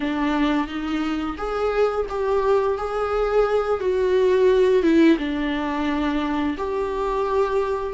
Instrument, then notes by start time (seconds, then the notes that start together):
viola
0.00 D4
0.67 D#4
1.37 G#4
2.09 G4
2.77 G#4
3.80 F#4
4.82 E4
5.18 D4
6.57 G4